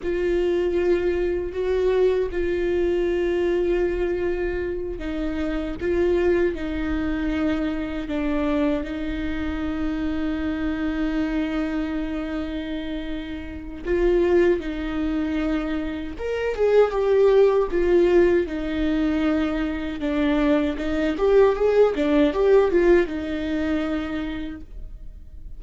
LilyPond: \new Staff \with { instrumentName = "viola" } { \time 4/4 \tempo 4 = 78 f'2 fis'4 f'4~ | f'2~ f'8 dis'4 f'8~ | f'8 dis'2 d'4 dis'8~ | dis'1~ |
dis'2 f'4 dis'4~ | dis'4 ais'8 gis'8 g'4 f'4 | dis'2 d'4 dis'8 g'8 | gis'8 d'8 g'8 f'8 dis'2 | }